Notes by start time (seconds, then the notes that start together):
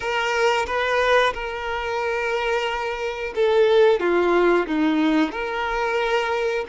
0.00 A#4
0.66 B4
1.33 A#4
3.35 A4
3.99 F4
4.67 D#4
5.32 A#4